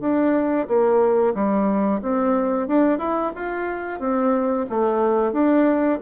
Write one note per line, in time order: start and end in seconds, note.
0.00 0.67 D4
0.67 1.34 A#3
1.34 2.01 G3
2.02 2.67 C4
2.67 2.98 D4
2.98 3.32 E4
3.35 3.99 F4
3.99 4.66 C4
4.69 5.32 A3
5.32 5.99 D4